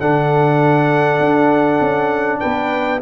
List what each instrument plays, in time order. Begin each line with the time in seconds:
0.00 tuba D3, trombone D4, horn A4, trumpet F#5
1.20 tuba D4
1.81 tuba C#4
2.40 tuba B3, horn B4, trumpet G5